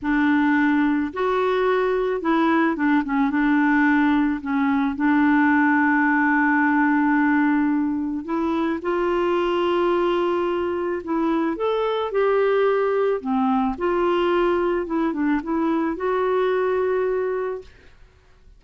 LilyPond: \new Staff \with { instrumentName = "clarinet" } { \time 4/4 \tempo 4 = 109 d'2 fis'2 | e'4 d'8 cis'8 d'2 | cis'4 d'2.~ | d'2. e'4 |
f'1 | e'4 a'4 g'2 | c'4 f'2 e'8 d'8 | e'4 fis'2. | }